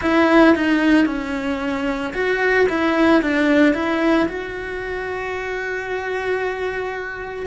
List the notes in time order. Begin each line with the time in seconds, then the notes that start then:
0.01 E4
0.55 D#4
1.06 C#4
2.13 F#4
2.69 E4
3.21 D4
3.74 E4
4.28 F#4